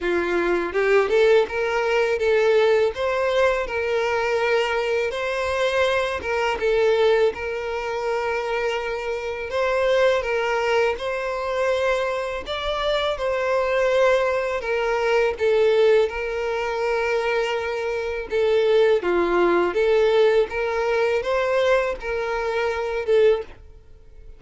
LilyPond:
\new Staff \with { instrumentName = "violin" } { \time 4/4 \tempo 4 = 82 f'4 g'8 a'8 ais'4 a'4 | c''4 ais'2 c''4~ | c''8 ais'8 a'4 ais'2~ | ais'4 c''4 ais'4 c''4~ |
c''4 d''4 c''2 | ais'4 a'4 ais'2~ | ais'4 a'4 f'4 a'4 | ais'4 c''4 ais'4. a'8 | }